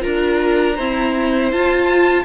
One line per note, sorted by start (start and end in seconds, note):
0.00 0.78 D4
0.00 0.74 F4
0.00 0.75 A#4
0.00 1.49 A#5
0.75 1.52 C4
0.75 1.52 E4
0.75 2.23 C5
1.52 2.24 F4
1.52 2.24 A5